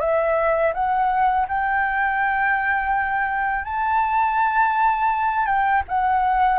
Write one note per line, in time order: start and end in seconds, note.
0.00 0.73 E5
0.74 1.47 F#5
1.49 3.65 G5
3.65 5.46 A5
5.46 5.83 G5
5.89 6.60 F#5